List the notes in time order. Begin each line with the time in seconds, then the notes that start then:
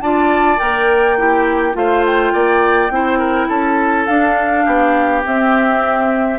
0.00 D4 F4 D5 A5
0.57 A#3 A#4 G5
1.17 E4 G4
1.72 A3 F4 C5 F5
2.05 G5
2.33 A#3 D5
2.90 C4 E4 C5
3.18 A#4
3.48 C#4 A4 A5
4.06 D4 F5
4.64 B3 G4
5.23 C4 E5